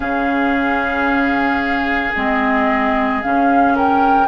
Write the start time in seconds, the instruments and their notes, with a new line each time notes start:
0.00 bassoon C#3, clarinet C#4, oboe G#4, flute F5
2.15 bassoon G#3, clarinet C4, flute D#5
3.22 bassoon C#3, clarinet C#4, flute F5
3.75 oboe A#4, flute G5